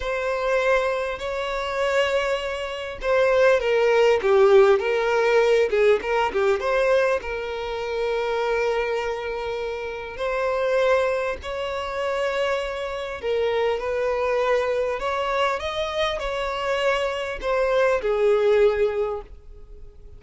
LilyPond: \new Staff \with { instrumentName = "violin" } { \time 4/4 \tempo 4 = 100 c''2 cis''2~ | cis''4 c''4 ais'4 g'4 | ais'4. gis'8 ais'8 g'8 c''4 | ais'1~ |
ais'4 c''2 cis''4~ | cis''2 ais'4 b'4~ | b'4 cis''4 dis''4 cis''4~ | cis''4 c''4 gis'2 | }